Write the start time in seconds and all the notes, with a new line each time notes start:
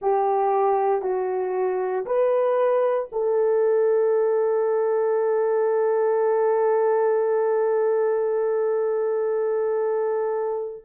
0.01 G4
1.02 F#4
2.05 B4
3.12 A4